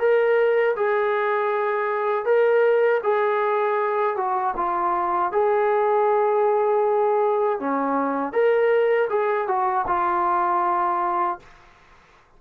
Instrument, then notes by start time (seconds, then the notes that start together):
trombone
0.00 A#4
0.76 G#4
2.26 A#4
3.03 G#4
4.17 F#4
4.57 F4
5.32 G#4
7.60 C#4
8.33 A#4
9.10 G#4
9.48 F#4
9.88 F4